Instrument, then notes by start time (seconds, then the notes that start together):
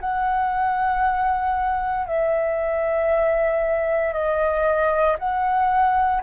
flute
0.00 F#5
2.06 E5
4.13 D#5
5.19 F#5